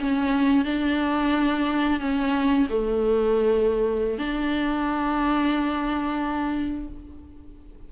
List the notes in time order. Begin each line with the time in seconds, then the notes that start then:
0.00 C#4
0.65 D4
2.00 C#4
2.70 A3
4.18 D4